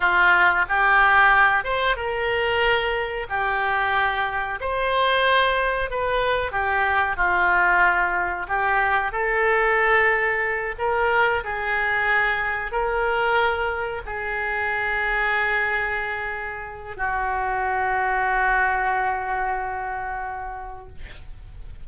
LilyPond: \new Staff \with { instrumentName = "oboe" } { \time 4/4 \tempo 4 = 92 f'4 g'4. c''8 ais'4~ | ais'4 g'2 c''4~ | c''4 b'4 g'4 f'4~ | f'4 g'4 a'2~ |
a'8 ais'4 gis'2 ais'8~ | ais'4. gis'2~ gis'8~ | gis'2 fis'2~ | fis'1 | }